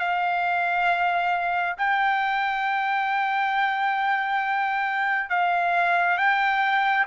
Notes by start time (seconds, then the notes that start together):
0.00 F5
1.78 G5
5.30 F5
6.18 G5